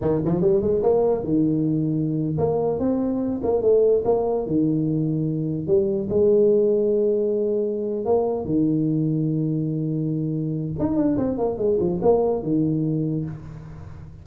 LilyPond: \new Staff \with { instrumentName = "tuba" } { \time 4/4 \tempo 4 = 145 dis8 f8 g8 gis8 ais4 dis4~ | dis4.~ dis16 ais4 c'4~ c'16~ | c'16 ais8 a4 ais4 dis4~ dis16~ | dis4.~ dis16 g4 gis4~ gis16~ |
gis2.~ gis8 ais8~ | ais8 dis2.~ dis8~ | dis2 dis'8 d'8 c'8 ais8 | gis8 f8 ais4 dis2 | }